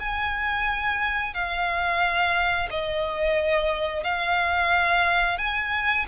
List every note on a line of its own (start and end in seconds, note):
0.00 1.35 G#5
1.35 2.69 F5
2.71 4.04 D#5
4.04 5.38 F5
5.38 6.06 G#5